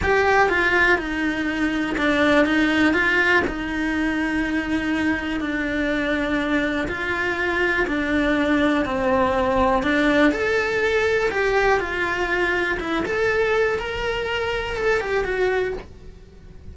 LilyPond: \new Staff \with { instrumentName = "cello" } { \time 4/4 \tempo 4 = 122 g'4 f'4 dis'2 | d'4 dis'4 f'4 dis'4~ | dis'2. d'4~ | d'2 f'2 |
d'2 c'2 | d'4 a'2 g'4 | f'2 e'8 a'4. | ais'2 a'8 g'8 fis'4 | }